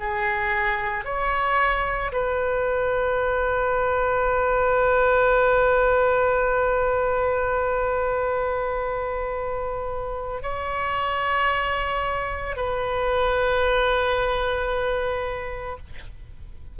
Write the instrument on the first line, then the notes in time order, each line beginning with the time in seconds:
oboe
0.00 G#4
1.05 C#5
2.13 B4
10.43 C#5
12.56 B4